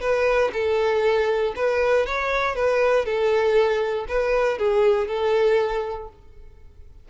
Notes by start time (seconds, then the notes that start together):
0.00 B4
0.53 A4
1.56 B4
2.06 C#5
2.55 B4
3.05 A4
4.08 B4
4.58 G#4
5.07 A4